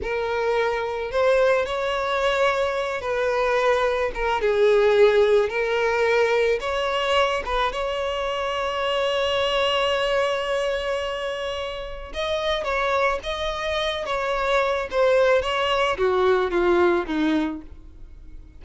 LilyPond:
\new Staff \with { instrumentName = "violin" } { \time 4/4 \tempo 4 = 109 ais'2 c''4 cis''4~ | cis''4. b'2 ais'8 | gis'2 ais'2 | cis''4. b'8 cis''2~ |
cis''1~ | cis''2 dis''4 cis''4 | dis''4. cis''4. c''4 | cis''4 fis'4 f'4 dis'4 | }